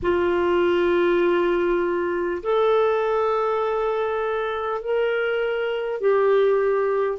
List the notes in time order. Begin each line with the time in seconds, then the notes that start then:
0.02 F4
2.42 A4
4.81 A#4
6.01 G4